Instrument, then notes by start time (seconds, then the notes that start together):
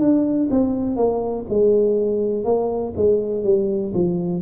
tuba
0.00 D4
0.51 C4
0.97 A#3
1.49 G#3
2.45 A#3
2.96 G#3
3.44 G3
3.94 F3